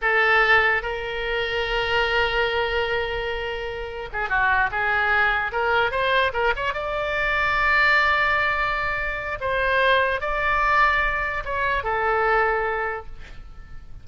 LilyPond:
\new Staff \with { instrumentName = "oboe" } { \time 4/4 \tempo 4 = 147 a'2 ais'2~ | ais'1~ | ais'2 gis'8 fis'4 gis'8~ | gis'4. ais'4 c''4 ais'8 |
cis''8 d''2.~ d''8~ | d''2. c''4~ | c''4 d''2. | cis''4 a'2. | }